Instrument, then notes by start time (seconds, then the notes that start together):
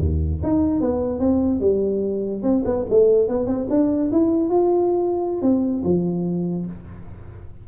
tuba
0.00 D#2
0.43 D#4
0.81 B3
1.20 C4
1.60 G3
2.43 C4
2.65 B3
2.90 A3
3.28 B3
3.47 C4
3.70 D4
4.12 E4
4.49 F4
5.42 C4
5.84 F3